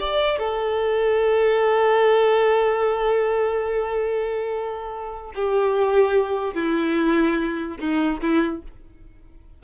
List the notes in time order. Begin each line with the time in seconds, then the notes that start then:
0.00 D5
0.38 A4
5.35 G4
6.54 E4
7.79 D#4
8.21 E4